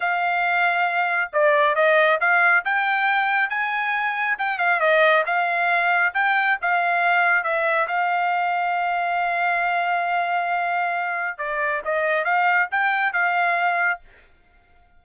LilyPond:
\new Staff \with { instrumentName = "trumpet" } { \time 4/4 \tempo 4 = 137 f''2. d''4 | dis''4 f''4 g''2 | gis''2 g''8 f''8 dis''4 | f''2 g''4 f''4~ |
f''4 e''4 f''2~ | f''1~ | f''2 d''4 dis''4 | f''4 g''4 f''2 | }